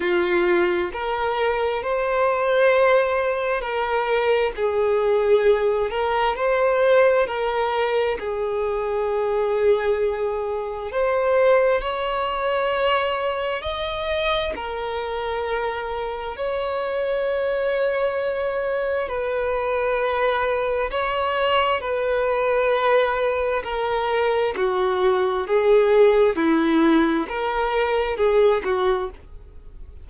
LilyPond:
\new Staff \with { instrumentName = "violin" } { \time 4/4 \tempo 4 = 66 f'4 ais'4 c''2 | ais'4 gis'4. ais'8 c''4 | ais'4 gis'2. | c''4 cis''2 dis''4 |
ais'2 cis''2~ | cis''4 b'2 cis''4 | b'2 ais'4 fis'4 | gis'4 e'4 ais'4 gis'8 fis'8 | }